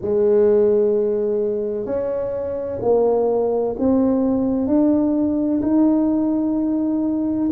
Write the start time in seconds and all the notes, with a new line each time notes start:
0.01 G#3
1.85 C#4
2.81 A#3
3.78 C4
4.67 D4
5.62 D#4